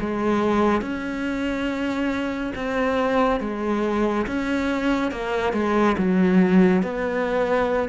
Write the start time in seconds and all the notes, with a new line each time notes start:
0.00 G#3
0.81 C#4
2.56 C4
3.41 G#3
4.27 C#4
5.12 A#3
5.53 G#3
5.98 F#3
6.83 B3